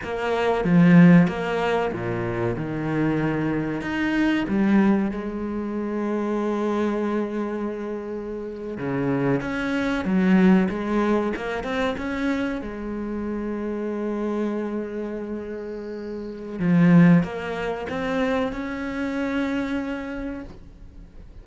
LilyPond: \new Staff \with { instrumentName = "cello" } { \time 4/4 \tempo 4 = 94 ais4 f4 ais4 ais,4 | dis2 dis'4 g4 | gis1~ | gis4.~ gis16 cis4 cis'4 fis16~ |
fis8. gis4 ais8 c'8 cis'4 gis16~ | gis1~ | gis2 f4 ais4 | c'4 cis'2. | }